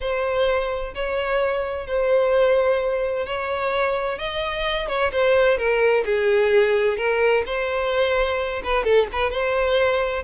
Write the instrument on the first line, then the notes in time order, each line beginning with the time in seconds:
violin
0.01 C5
0.94 C#5
1.86 C5
3.26 C#5
4.18 D#5
4.88 C#5
5.12 C5
5.57 A#4
6.05 G#4
6.97 A#4
7.45 C5
8.63 B4
8.84 A4
9.12 B4
9.30 C5